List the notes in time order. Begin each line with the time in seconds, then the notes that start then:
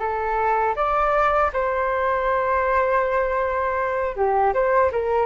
0.00 A4
0.76 D5
1.53 C5
4.16 G4
4.54 C5
4.92 A#4